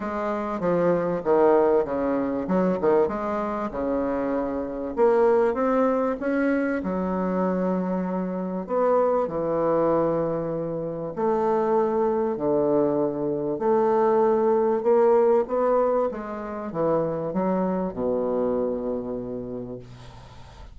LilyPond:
\new Staff \with { instrumentName = "bassoon" } { \time 4/4 \tempo 4 = 97 gis4 f4 dis4 cis4 | fis8 dis8 gis4 cis2 | ais4 c'4 cis'4 fis4~ | fis2 b4 e4~ |
e2 a2 | d2 a2 | ais4 b4 gis4 e4 | fis4 b,2. | }